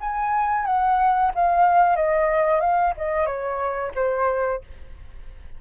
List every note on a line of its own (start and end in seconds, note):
0.00 0.66 G#5
0.66 1.32 F#5
1.34 1.96 F5
1.96 2.60 D#5
2.60 2.93 F5
2.97 3.25 D#5
3.25 3.91 C#5
3.95 4.61 C5